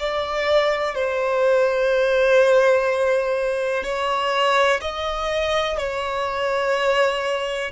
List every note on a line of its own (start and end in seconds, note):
0.00 0.95 D5
0.95 3.84 C5
3.84 4.81 C#5
4.82 5.78 D#5
5.78 7.72 C#5